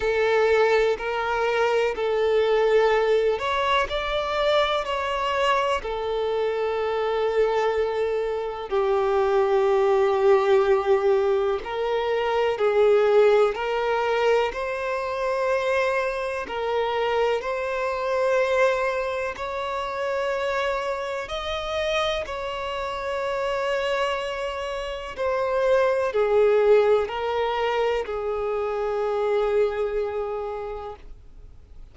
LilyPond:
\new Staff \with { instrumentName = "violin" } { \time 4/4 \tempo 4 = 62 a'4 ais'4 a'4. cis''8 | d''4 cis''4 a'2~ | a'4 g'2. | ais'4 gis'4 ais'4 c''4~ |
c''4 ais'4 c''2 | cis''2 dis''4 cis''4~ | cis''2 c''4 gis'4 | ais'4 gis'2. | }